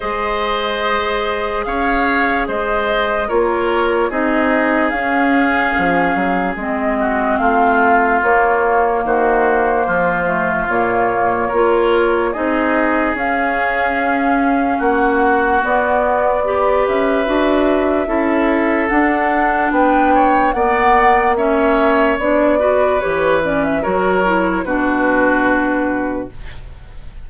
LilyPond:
<<
  \new Staff \with { instrumentName = "flute" } { \time 4/4 \tempo 4 = 73 dis''2 f''4 dis''4 | cis''4 dis''4 f''2 | dis''4 f''4 cis''4 c''4~ | c''4 cis''2 dis''4 |
f''2 fis''4 d''4~ | d''8 e''2~ e''8 fis''4 | g''4 fis''4 e''4 d''4 | cis''8 d''16 e''16 cis''4 b'2 | }
  \new Staff \with { instrumentName = "oboe" } { \time 4/4 c''2 cis''4 c''4 | ais'4 gis'2.~ | gis'8 fis'8 f'2 fis'4 | f'2 ais'4 gis'4~ |
gis'2 fis'2 | b'2 a'2 | b'8 cis''8 d''4 cis''4. b'8~ | b'4 ais'4 fis'2 | }
  \new Staff \with { instrumentName = "clarinet" } { \time 4/4 gis'1 | f'4 dis'4 cis'2 | c'2 ais2~ | ais8 a8 ais4 f'4 dis'4 |
cis'2. b4 | g'4 fis'4 e'4 d'4~ | d'4 b4 cis'4 d'8 fis'8 | g'8 cis'8 fis'8 e'8 d'2 | }
  \new Staff \with { instrumentName = "bassoon" } { \time 4/4 gis2 cis'4 gis4 | ais4 c'4 cis'4 f8 fis8 | gis4 a4 ais4 dis4 | f4 ais,4 ais4 c'4 |
cis'2 ais4 b4~ | b8 cis'8 d'4 cis'4 d'4 | b4 ais2 b4 | e4 fis4 b,2 | }
>>